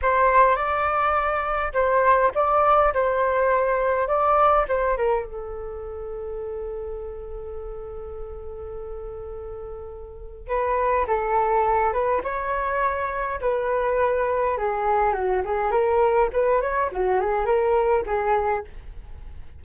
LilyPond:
\new Staff \with { instrumentName = "flute" } { \time 4/4 \tempo 4 = 103 c''4 d''2 c''4 | d''4 c''2 d''4 | c''8 ais'8 a'2.~ | a'1~ |
a'2 b'4 a'4~ | a'8 b'8 cis''2 b'4~ | b'4 gis'4 fis'8 gis'8 ais'4 | b'8 cis''8 fis'8 gis'8 ais'4 gis'4 | }